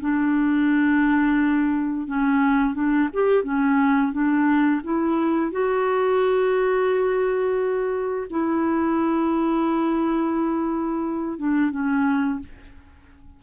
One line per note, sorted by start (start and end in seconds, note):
0.00 2.07 D4
2.07 2.74 C#4
2.74 3.08 D4
3.13 3.43 G4
3.43 4.12 C#4
4.12 4.81 D4
4.83 5.51 E4
5.51 8.27 F#4
8.30 11.38 E4
11.38 11.70 D4
11.70 12.39 C#4